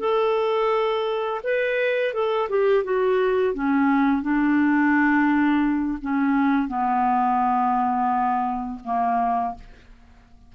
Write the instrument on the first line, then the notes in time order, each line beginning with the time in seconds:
clarinet
0.00 A4
1.44 B4
2.14 A4
2.50 G4
2.84 F#4
3.54 C#4
4.22 D4
6.02 C#4
6.68 B3
8.85 A#3